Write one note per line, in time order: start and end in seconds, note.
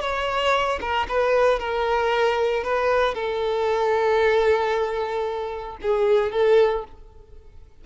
0.00 0.79 C#5
0.80 1.06 A#4
1.08 1.59 B4
1.59 2.63 A#4
2.63 3.14 B4
3.14 5.77 A4
5.82 6.31 G#4
6.31 6.84 A4